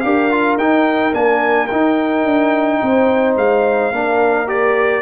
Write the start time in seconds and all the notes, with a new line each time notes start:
0.00 D4 G4 A#4 F5
0.31 F4
0.57 D#4 G5
1.12 A#3 D4 G#5
1.67 D#4 G5
2.25 D4
2.81 C4 C5
3.36 G#3 F5
3.91 A#3 D4 A#4
4.47 G4 D5